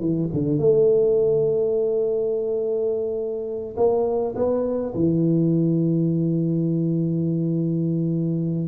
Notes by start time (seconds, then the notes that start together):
0.00 E3
0.33 D3
0.58 A3
3.77 A#3
4.35 B3
4.94 E3